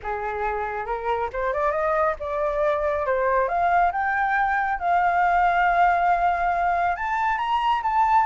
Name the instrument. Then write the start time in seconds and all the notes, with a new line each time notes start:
flute
0.02 G#4
0.85 A#4
1.32 C5
1.53 D5
1.71 D#5
2.19 D5
3.06 C5
3.48 F5
3.92 G5
4.79 F5
6.96 A5
7.38 A#5
7.82 A5